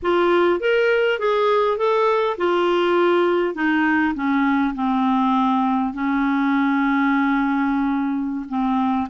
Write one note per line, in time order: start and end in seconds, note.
0.02 0.59 F4
0.59 1.19 A#4
1.19 1.77 G#4
1.77 2.37 A4
2.37 3.54 F4
3.54 4.14 D#4
4.14 4.74 C#4
4.74 5.93 C4
5.93 8.46 C#4
8.48 9.08 C4